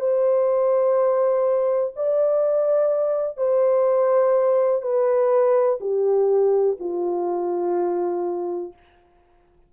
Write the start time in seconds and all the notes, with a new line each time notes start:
0.00 C5
1.96 D5
3.37 C5
4.82 B4
5.81 G4
6.80 F4